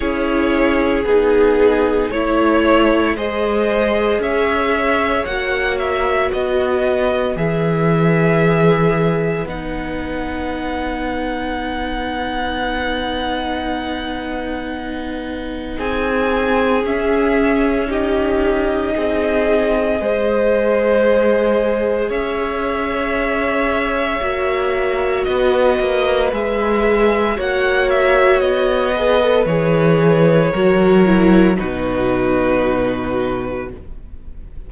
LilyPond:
<<
  \new Staff \with { instrumentName = "violin" } { \time 4/4 \tempo 4 = 57 cis''4 gis'4 cis''4 dis''4 | e''4 fis''8 e''8 dis''4 e''4~ | e''4 fis''2.~ | fis''2. gis''4 |
e''4 dis''2.~ | dis''4 e''2. | dis''4 e''4 fis''8 e''8 dis''4 | cis''2 b'2 | }
  \new Staff \with { instrumentName = "violin" } { \time 4/4 gis'2 cis''4 c''4 | cis''2 b'2~ | b'1~ | b'2. gis'4~ |
gis'4 g'4 gis'4 c''4~ | c''4 cis''2. | b'2 cis''4. b'8~ | b'4 ais'4 fis'2 | }
  \new Staff \with { instrumentName = "viola" } { \time 4/4 e'4 dis'4 e'4 gis'4~ | gis'4 fis'2 gis'4~ | gis'4 dis'2.~ | dis'1 |
cis'4 dis'2 gis'4~ | gis'2. fis'4~ | fis'4 gis'4 fis'4. gis'16 a'16 | gis'4 fis'8 e'8 dis'2 | }
  \new Staff \with { instrumentName = "cello" } { \time 4/4 cis'4 b4 a4 gis4 | cis'4 ais4 b4 e4~ | e4 b2.~ | b2. c'4 |
cis'2 c'4 gis4~ | gis4 cis'2 ais4 | b8 ais8 gis4 ais4 b4 | e4 fis4 b,2 | }
>>